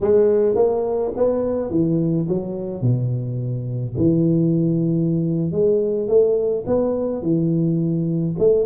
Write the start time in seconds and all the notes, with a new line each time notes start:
0.00 G#3
0.55 A#3
1.16 B3
1.70 E3
2.28 F#3
2.81 B2
3.97 E3
5.51 G#3
6.07 A3
6.66 B3
7.22 E3
8.38 A3